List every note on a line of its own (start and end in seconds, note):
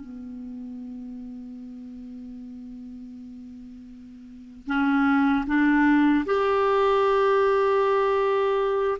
0.00 4.67 B3
4.67 5.45 C#4
5.47 6.24 D4
6.26 8.98 G4